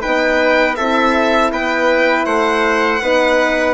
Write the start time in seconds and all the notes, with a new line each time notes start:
0.00 D#4 B4 G5
0.06 B3
0.76 C4 E4 A4 E5
1.52 B3 B4 G5
2.25 A3 C5 F#5
3.02 B3 D#4 B4